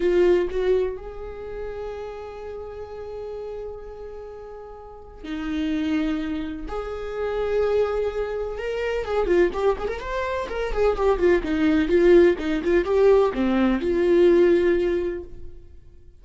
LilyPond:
\new Staff \with { instrumentName = "viola" } { \time 4/4 \tempo 4 = 126 f'4 fis'4 gis'2~ | gis'1~ | gis'2. dis'4~ | dis'2 gis'2~ |
gis'2 ais'4 gis'8 f'8 | g'8 gis'16 ais'16 c''4 ais'8 gis'8 g'8 f'8 | dis'4 f'4 dis'8 f'8 g'4 | c'4 f'2. | }